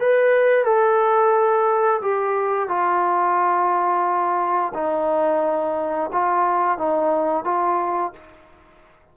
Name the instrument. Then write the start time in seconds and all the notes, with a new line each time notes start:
trombone
0.00 B4
0.64 A4
2.01 G4
2.68 F4
4.74 D#4
6.12 F4
6.78 D#4
7.44 F4